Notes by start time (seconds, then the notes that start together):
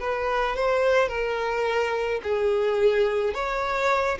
0.00 B4
0.56 C5
1.09 A#4
2.24 G#4
3.34 C#5